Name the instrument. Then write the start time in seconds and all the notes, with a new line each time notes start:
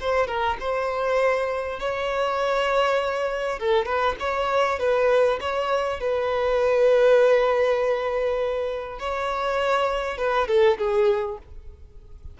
violin
0.00 C5
0.27 A#4
0.60 C5
1.80 C#5
3.59 A4
3.85 B4
4.19 C#5
4.79 B4
5.40 C#5
6.00 B4
8.99 C#5
10.18 B4
10.48 A4
10.78 G#4